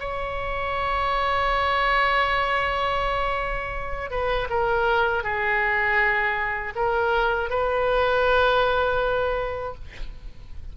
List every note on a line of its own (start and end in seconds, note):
0.00 4.10 C#5
4.10 4.48 B4
4.50 5.24 A#4
5.24 6.74 G#4
6.75 7.50 A#4
7.50 9.75 B4